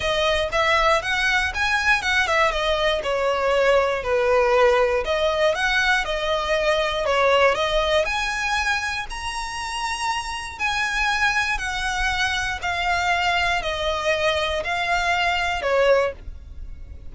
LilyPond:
\new Staff \with { instrumentName = "violin" } { \time 4/4 \tempo 4 = 119 dis''4 e''4 fis''4 gis''4 | fis''8 e''8 dis''4 cis''2 | b'2 dis''4 fis''4 | dis''2 cis''4 dis''4 |
gis''2 ais''2~ | ais''4 gis''2 fis''4~ | fis''4 f''2 dis''4~ | dis''4 f''2 cis''4 | }